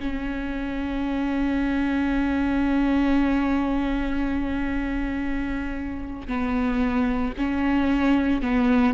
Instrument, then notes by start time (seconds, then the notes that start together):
viola
0.00 C#4
6.28 B3
7.38 C#4
8.42 B3